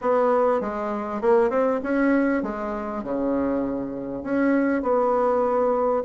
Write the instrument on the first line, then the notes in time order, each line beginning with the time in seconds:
bassoon
0.01 B3
0.60 G#3
1.21 A#3
1.50 C4
1.83 C#4
2.42 G#3
3.03 C#3
4.23 C#4
4.82 B3